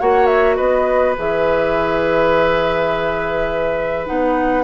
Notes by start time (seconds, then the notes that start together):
0.00 A#3 F#4 C#5 F#5
0.26 E5
0.57 B3 B4 D#5
1.16 E3 G#4 E5
4.07 B3 D#4 F#5